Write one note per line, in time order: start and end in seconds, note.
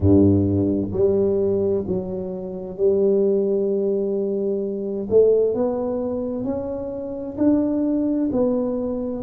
0.00 0.90 G2
0.92 1.84 G3
1.87 2.77 F#3
2.77 5.08 G3
5.09 5.54 A3
5.54 6.44 B3
6.44 7.36 C#4
7.37 8.30 D4
8.32 9.23 B3